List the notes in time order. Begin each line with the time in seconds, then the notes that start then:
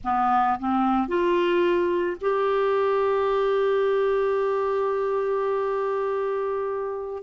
0.04 B3
0.59 C4
1.08 F4
2.20 G4